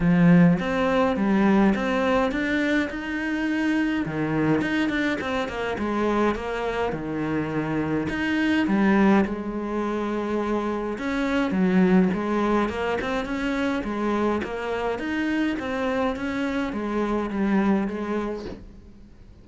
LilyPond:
\new Staff \with { instrumentName = "cello" } { \time 4/4 \tempo 4 = 104 f4 c'4 g4 c'4 | d'4 dis'2 dis4 | dis'8 d'8 c'8 ais8 gis4 ais4 | dis2 dis'4 g4 |
gis2. cis'4 | fis4 gis4 ais8 c'8 cis'4 | gis4 ais4 dis'4 c'4 | cis'4 gis4 g4 gis4 | }